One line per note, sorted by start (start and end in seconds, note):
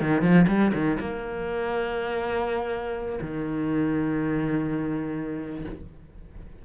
0.00 0.21 D#3
0.21 0.45 F3
0.47 0.72 G3
0.73 0.98 D#3
1.00 3.19 A#3
3.21 5.65 D#3